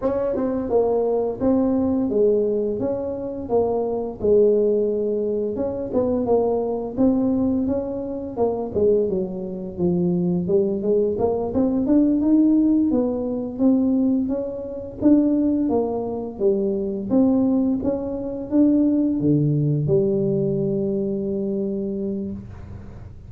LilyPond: \new Staff \with { instrumentName = "tuba" } { \time 4/4 \tempo 4 = 86 cis'8 c'8 ais4 c'4 gis4 | cis'4 ais4 gis2 | cis'8 b8 ais4 c'4 cis'4 | ais8 gis8 fis4 f4 g8 gis8 |
ais8 c'8 d'8 dis'4 b4 c'8~ | c'8 cis'4 d'4 ais4 g8~ | g8 c'4 cis'4 d'4 d8~ | d8 g2.~ g8 | }